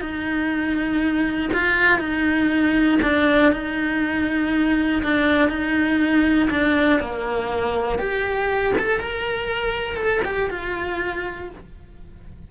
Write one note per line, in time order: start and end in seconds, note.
0.00 1.50 D#4
1.52 1.98 F4
1.98 2.98 D#4
3.02 3.52 D4
3.52 5.02 D#4
5.02 5.48 D4
5.48 6.48 D#4
6.50 7.00 D4
7.00 7.98 A#3
7.98 8.73 G4
8.78 9.00 A4
9.00 9.96 A#4
9.96 10.21 A4
10.25 10.50 G4
10.50 11.50 F4